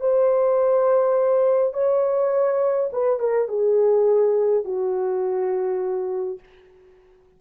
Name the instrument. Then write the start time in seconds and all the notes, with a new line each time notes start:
horn
0.00 C5
1.73 C#5
2.93 B4
3.19 A#4
3.48 G#4
4.65 F#4